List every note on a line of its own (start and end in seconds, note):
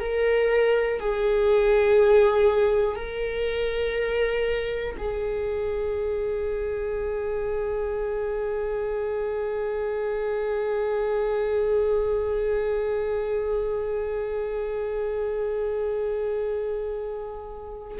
0.00 1.00 A#4
1.00 2.96 G#4
2.96 4.96 A#4
4.98 17.98 G#4